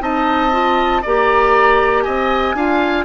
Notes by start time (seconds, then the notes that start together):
0.00 C4 D#4 D#5 A5
0.51 F4
1.01 A#3 G4 D5 A#5
2.02 C4 D#5 G#5
2.54 D4 F4 F5